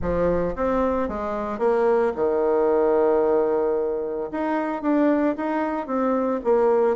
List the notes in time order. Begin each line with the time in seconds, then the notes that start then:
0.01 F3
0.55 C4
1.08 G#3
1.59 A#3
2.15 D#3
4.31 D#4
4.81 D4
5.36 D#4
5.86 C4
6.44 A#3